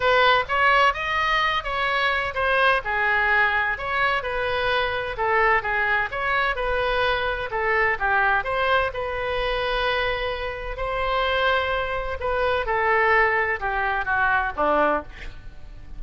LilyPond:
\new Staff \with { instrumentName = "oboe" } { \time 4/4 \tempo 4 = 128 b'4 cis''4 dis''4. cis''8~ | cis''4 c''4 gis'2 | cis''4 b'2 a'4 | gis'4 cis''4 b'2 |
a'4 g'4 c''4 b'4~ | b'2. c''4~ | c''2 b'4 a'4~ | a'4 g'4 fis'4 d'4 | }